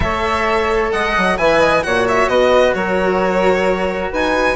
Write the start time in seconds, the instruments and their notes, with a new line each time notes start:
0.00 bassoon A3, cello A4, flute C#5, violin E5
0.92 bassoon G#3, flute D#5, violin F#5
1.17 bassoon F#3
1.37 bassoon E3, cello B4, flute E5, violin G#5
1.59 flute D#5
1.82 bassoon A#2, cello F#4, flute C#5, violin F#5
2.08 violin E5
2.27 bassoon B2, flute B4, violin D#5
2.74 bassoon F#3, flute A#4, violin C#5
4.11 bassoon D#4, flute B4, violin G#5